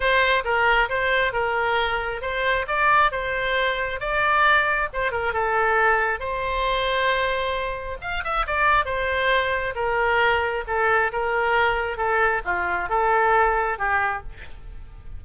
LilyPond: \new Staff \with { instrumentName = "oboe" } { \time 4/4 \tempo 4 = 135 c''4 ais'4 c''4 ais'4~ | ais'4 c''4 d''4 c''4~ | c''4 d''2 c''8 ais'8 | a'2 c''2~ |
c''2 f''8 e''8 d''4 | c''2 ais'2 | a'4 ais'2 a'4 | f'4 a'2 g'4 | }